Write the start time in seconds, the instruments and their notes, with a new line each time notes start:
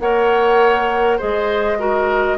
0.00 bassoon A#3, clarinet A#4, oboe C#5, flute F#5
1.18 bassoon G#3, clarinet G#4, oboe C5, flute D#5
1.79 clarinet F#4, oboe A#4